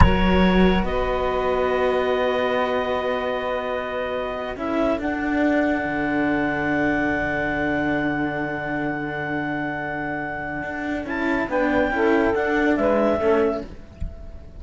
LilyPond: <<
  \new Staff \with { instrumentName = "clarinet" } { \time 4/4 \tempo 4 = 141 cis''2 dis''2~ | dis''1~ | dis''2~ dis''8. e''4 fis''16~ | fis''1~ |
fis''1~ | fis''1~ | fis''2 a''4 g''4~ | g''4 fis''4 e''2 | }
  \new Staff \with { instrumentName = "saxophone" } { \time 4/4 ais'2 b'2~ | b'1~ | b'2~ b'8. a'4~ a'16~ | a'1~ |
a'1~ | a'1~ | a'2. b'4 | a'2 b'4 a'4 | }
  \new Staff \with { instrumentName = "cello" } { \time 4/4 fis'1~ | fis'1~ | fis'2~ fis'8. e'4 d'16~ | d'1~ |
d'1~ | d'1~ | d'2 e'4 d'4 | e'4 d'2 cis'4 | }
  \new Staff \with { instrumentName = "cello" } { \time 4/4 fis2 b2~ | b1~ | b2~ b8. cis'4 d'16~ | d'4.~ d'16 d2~ d16~ |
d1~ | d1~ | d4 d'4 cis'4 b4 | cis'4 d'4 gis4 a4 | }
>>